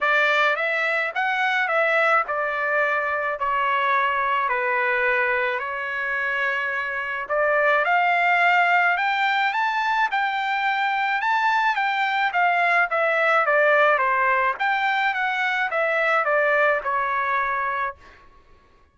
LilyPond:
\new Staff \with { instrumentName = "trumpet" } { \time 4/4 \tempo 4 = 107 d''4 e''4 fis''4 e''4 | d''2 cis''2 | b'2 cis''2~ | cis''4 d''4 f''2 |
g''4 a''4 g''2 | a''4 g''4 f''4 e''4 | d''4 c''4 g''4 fis''4 | e''4 d''4 cis''2 | }